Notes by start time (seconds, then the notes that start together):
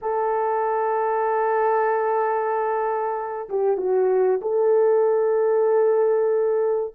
0.01 A4
3.49 G4
3.77 F#4
4.41 A4